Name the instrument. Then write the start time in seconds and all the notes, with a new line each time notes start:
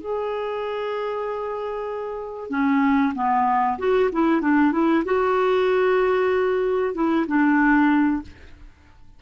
clarinet
0.00 G#4
2.50 C#4
3.14 B3
3.78 F#4
4.12 E4
4.41 D4
4.72 E4
5.04 F#4
6.94 E4
7.27 D4